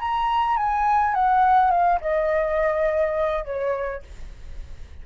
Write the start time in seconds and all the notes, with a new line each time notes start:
0.00 A#5
0.57 G#5
1.14 F#5
1.71 F5
2.01 D#5
3.45 C#5